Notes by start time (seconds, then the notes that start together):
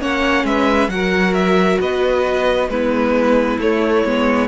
0.00 A#3 C#4 C#5 F#5
0.45 G#3 B4 E5
0.88 F#3 F#4 A#4 F#5
1.34 E5
1.81 B3 B4 D#5
2.69 G#3 B3 E4 B4
3.59 A3 C#5
4.05 G#3 B3